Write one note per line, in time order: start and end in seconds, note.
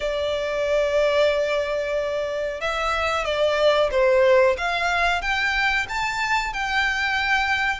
0.00 2.61 D5
2.61 3.24 E5
3.24 3.90 D5
3.91 4.56 C5
4.57 5.21 F5
5.21 5.87 G5
5.88 6.53 A5
6.53 7.80 G5